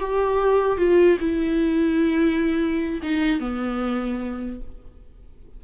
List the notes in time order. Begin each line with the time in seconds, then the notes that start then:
0.00 G4
0.78 F4
1.20 E4
3.03 D#4
3.40 B3